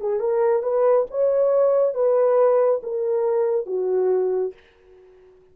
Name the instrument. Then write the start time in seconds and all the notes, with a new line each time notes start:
horn
0.00 G#4
0.20 A#4
0.63 B4
1.11 C#5
1.94 B4
2.83 A#4
3.66 F#4